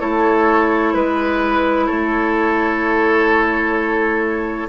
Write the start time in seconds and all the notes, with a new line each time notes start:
0.00 A3 E4 A4 C#5
0.94 G#3 B4
1.87 A3 A4 C#5